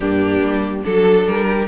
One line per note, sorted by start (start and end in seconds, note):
0.00 0.40 G2
0.00 0.83 A#3
0.00 0.83 D4
0.00 0.84 G4
0.42 0.84 G3
0.83 1.27 F#3
0.83 1.67 D4
0.83 1.47 A4
0.83 1.26 A4
1.26 1.67 G3
1.26 1.67 A#4
1.47 1.67 G4